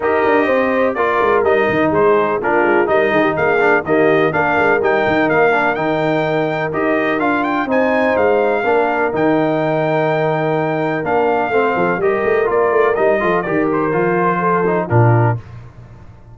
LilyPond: <<
  \new Staff \with { instrumentName = "trumpet" } { \time 4/4 \tempo 4 = 125 dis''2 d''4 dis''4 | c''4 ais'4 dis''4 f''4 | dis''4 f''4 g''4 f''4 | g''2 dis''4 f''8 g''8 |
gis''4 f''2 g''4~ | g''2. f''4~ | f''4 dis''4 d''4 dis''4 | d''8 c''2~ c''8 ais'4 | }
  \new Staff \with { instrumentName = "horn" } { \time 4/4 ais'4 c''4 ais'2 | gis'4 f'4 ais'8 gis'16 g'16 gis'4 | g'4 ais'2.~ | ais'1 |
c''2 ais'2~ | ais'1 | c''8 a'8 ais'2~ ais'8 a'8 | ais'2 a'4 f'4 | }
  \new Staff \with { instrumentName = "trombone" } { \time 4/4 g'2 f'4 dis'4~ | dis'4 d'4 dis'4. d'8 | ais4 d'4 dis'4. d'8 | dis'2 g'4 f'4 |
dis'2 d'4 dis'4~ | dis'2. d'4 | c'4 g'4 f'4 dis'8 f'8 | g'4 f'4. dis'8 d'4 | }
  \new Staff \with { instrumentName = "tuba" } { \time 4/4 dis'8 d'8 c'4 ais8 gis8 g8 dis8 | gis4 ais8 gis8 g8 dis8 ais4 | dis4 ais8 gis8 g8 dis8 ais4 | dis2 dis'4 d'4 |
c'4 gis4 ais4 dis4~ | dis2. ais4 | a8 f8 g8 a8 ais8 a8 g8 f8 | dis4 f2 ais,4 | }
>>